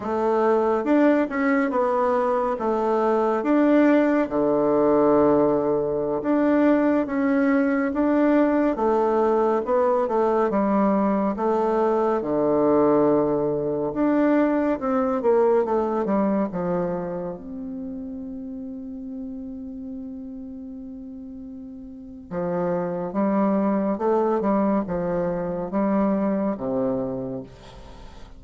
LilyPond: \new Staff \with { instrumentName = "bassoon" } { \time 4/4 \tempo 4 = 70 a4 d'8 cis'8 b4 a4 | d'4 d2~ d16 d'8.~ | d'16 cis'4 d'4 a4 b8 a16~ | a16 g4 a4 d4.~ d16~ |
d16 d'4 c'8 ais8 a8 g8 f8.~ | f16 c'2.~ c'8.~ | c'2 f4 g4 | a8 g8 f4 g4 c4 | }